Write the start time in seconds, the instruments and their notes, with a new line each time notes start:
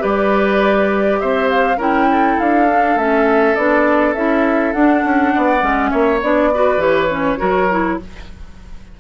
0.00 bassoon G3, clarinet G4, oboe B4, flute D5
1.20 bassoon C4, oboe C5, flute E5
1.50 flute F5
1.78 bassoon C#4, clarinet E4, oboe A#4, flute G5
2.12 oboe A4
2.40 bassoon D4, flute F5
2.69 clarinet D4
2.96 bassoon A3, clarinet C#4, flute E5
3.56 bassoon B3, clarinet D4, flute D5
4.15 bassoon C#4, clarinet E4, flute E5
4.73 bassoon D4, clarinet D4, flute F#5
5.05 bassoon C#4
5.34 bassoon B3, oboe D5
5.61 bassoon G#3, clarinet C#4
5.91 bassoon A#3, oboe C#5, flute E5
6.23 bassoon B3, clarinet D4, flute D5
6.54 clarinet F#4, oboe B4
6.77 bassoon E3, clarinet G4, flute C#5
7.11 clarinet C#4
7.38 bassoon F#3, clarinet F#4, oboe A#4
7.71 clarinet E4